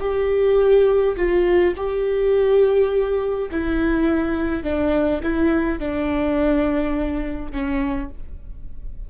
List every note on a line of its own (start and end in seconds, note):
0.00 1.15 G4
1.16 1.73 F4
1.76 3.49 G4
3.51 4.63 E4
4.63 5.21 D4
5.23 5.79 E4
5.79 7.52 D4
7.52 8.09 C#4